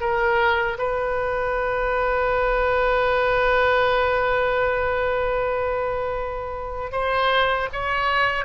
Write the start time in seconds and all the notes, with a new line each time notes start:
0.00 A#4
0.78 B4
6.91 C5
7.72 C#5